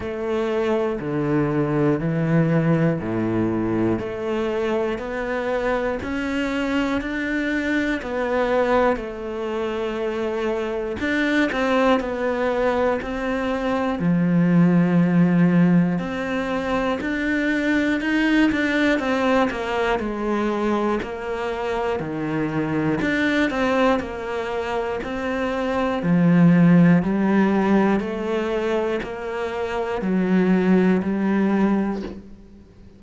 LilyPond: \new Staff \with { instrumentName = "cello" } { \time 4/4 \tempo 4 = 60 a4 d4 e4 a,4 | a4 b4 cis'4 d'4 | b4 a2 d'8 c'8 | b4 c'4 f2 |
c'4 d'4 dis'8 d'8 c'8 ais8 | gis4 ais4 dis4 d'8 c'8 | ais4 c'4 f4 g4 | a4 ais4 fis4 g4 | }